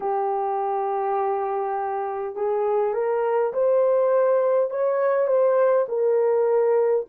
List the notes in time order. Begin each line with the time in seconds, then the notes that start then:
0.00 G4
2.35 G#4
2.94 A#4
3.53 C5
4.70 C#5
5.27 C5
5.88 A#4